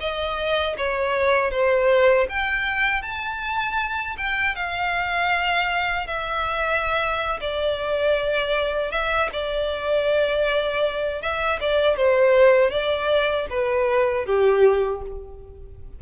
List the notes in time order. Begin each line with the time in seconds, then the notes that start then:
0.00 D#5
0.77 C#5
1.51 C5
2.29 G5
3.02 A5
4.17 G5
4.55 F5
6.07 E5
7.41 D5
8.91 E5
9.32 D5
11.22 E5
11.60 D5
11.97 C5
12.70 D5
13.50 B4
14.26 G4